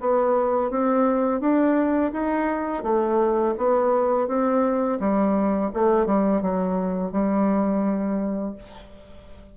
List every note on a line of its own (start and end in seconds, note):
0.00 0.70 B3
0.70 1.40 C4
1.40 2.11 D4
2.12 2.83 D#4
2.83 3.54 A3
3.57 4.27 B3
4.27 4.99 C4
4.99 5.71 G3
5.73 6.06 A3
6.06 6.41 G3
6.41 7.11 F#3
7.11 8.54 G3